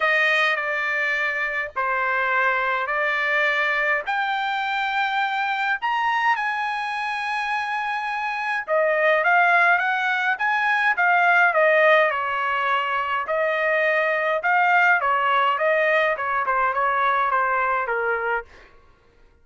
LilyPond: \new Staff \with { instrumentName = "trumpet" } { \time 4/4 \tempo 4 = 104 dis''4 d''2 c''4~ | c''4 d''2 g''4~ | g''2 ais''4 gis''4~ | gis''2. dis''4 |
f''4 fis''4 gis''4 f''4 | dis''4 cis''2 dis''4~ | dis''4 f''4 cis''4 dis''4 | cis''8 c''8 cis''4 c''4 ais'4 | }